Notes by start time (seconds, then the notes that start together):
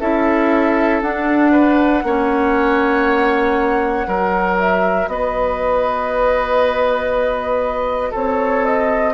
0.00 C#4 E4 A4 E5
1.02 D4 F#5
1.51 B4
2.03 A#3 C#4 C#5
4.07 F#3 F#4 A#4
4.59 E5
5.07 B3 B4 D#5
8.11 C4 A4 C#5
8.65 D#5